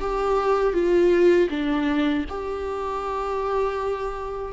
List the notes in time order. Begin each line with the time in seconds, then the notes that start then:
0.00 G4
0.73 F4
1.50 D4
2.29 G4